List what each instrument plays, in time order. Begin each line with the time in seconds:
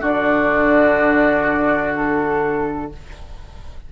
0.00 bassoon D3, clarinet D4, oboe F#4, flute D5
1.95 flute A4